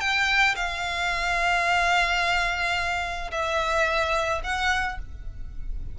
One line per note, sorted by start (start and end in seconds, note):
0.00 0.55 G5
0.55 3.31 F5
3.31 4.41 E5
4.43 4.98 F#5